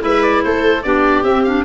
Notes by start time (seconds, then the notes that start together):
0.00 G#3 E4 B4 E5
0.23 D5
0.44 A3 A4 C5
0.83 B3 D4 G4 D5
1.24 C4 E5
1.44 D4 F5